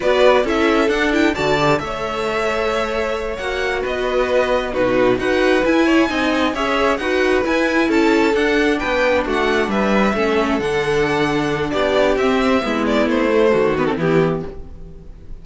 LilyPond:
<<
  \new Staff \with { instrumentName = "violin" } { \time 4/4 \tempo 4 = 133 d''4 e''4 fis''8 g''8 a''4 | e''2.~ e''8 fis''8~ | fis''8 dis''2 b'4 fis''8~ | fis''8 gis''2 e''4 fis''8~ |
fis''8 gis''4 a''4 fis''4 g''8~ | g''8 fis''4 e''2 fis''8~ | fis''2 d''4 e''4~ | e''8 d''8 c''4. b'16 a'16 g'4 | }
  \new Staff \with { instrumentName = "violin" } { \time 4/4 b'4 a'2 d''4 | cis''1~ | cis''8 b'2 fis'4 b'8~ | b'4 cis''8 dis''4 cis''4 b'8~ |
b'4. a'2 b'8~ | b'8 fis'4 b'4 a'4.~ | a'2 g'2 | e'2 fis'4 e'4 | }
  \new Staff \with { instrumentName = "viola" } { \time 4/4 fis'4 e'4 d'8 e'8 fis'8 g'8 | a'2.~ a'8 fis'8~ | fis'2~ fis'8 dis'4 fis'8~ | fis'8 e'4 dis'4 gis'4 fis'8~ |
fis'8 e'2 d'4.~ | d'2~ d'8 cis'4 d'8~ | d'2. c'4 | b4. a4 b16 c'16 b4 | }
  \new Staff \with { instrumentName = "cello" } { \time 4/4 b4 cis'4 d'4 d4 | a2.~ a8 ais8~ | ais8 b2 b,4 dis'8~ | dis'8 e'4 c'4 cis'4 dis'8~ |
dis'8 e'4 cis'4 d'4 b8~ | b8 a4 g4 a4 d8~ | d2 b4 c'4 | gis4 a4 dis4 e4 | }
>>